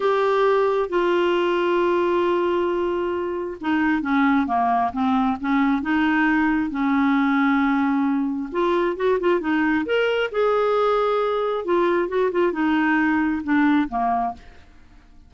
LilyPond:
\new Staff \with { instrumentName = "clarinet" } { \time 4/4 \tempo 4 = 134 g'2 f'2~ | f'1 | dis'4 cis'4 ais4 c'4 | cis'4 dis'2 cis'4~ |
cis'2. f'4 | fis'8 f'8 dis'4 ais'4 gis'4~ | gis'2 f'4 fis'8 f'8 | dis'2 d'4 ais4 | }